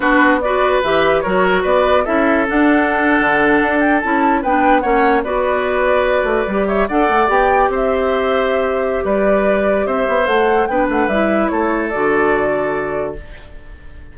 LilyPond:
<<
  \new Staff \with { instrumentName = "flute" } { \time 4/4 \tempo 4 = 146 b'4 d''4 e''4 cis''4 | d''4 e''4 fis''2~ | fis''4~ fis''16 g''8 a''4 g''4 fis''16~ | fis''8. d''2.~ d''16~ |
d''16 e''8 fis''4 g''4 e''4~ e''16~ | e''2 d''2 | e''4 fis''4 g''8 fis''8 e''4 | cis''4 d''2. | }
  \new Staff \with { instrumentName = "oboe" } { \time 4/4 fis'4 b'2 ais'4 | b'4 a'2.~ | a'2~ a'8. b'4 cis''16~ | cis''8. b'2.~ b'16~ |
b'16 cis''8 d''2 c''4~ c''16~ | c''2 b'2 | c''2 b'2 | a'1 | }
  \new Staff \with { instrumentName = "clarinet" } { \time 4/4 d'4 fis'4 g'4 fis'4~ | fis'4 e'4 d'2~ | d'4.~ d'16 e'4 d'4 cis'16~ | cis'8. fis'2. g'16~ |
g'8. a'4 g'2~ g'16~ | g'1~ | g'4 a'4 d'4 e'4~ | e'4 fis'2. | }
  \new Staff \with { instrumentName = "bassoon" } { \time 4/4 b2 e4 fis4 | b4 cis'4 d'4.~ d'16 d16~ | d8. d'4 cis'4 b4 ais16~ | ais8. b2~ b8 a8 g16~ |
g8. d'8 a8 b4 c'4~ c'16~ | c'2 g2 | c'8 b8 a4 b8 a8 g4 | a4 d2. | }
>>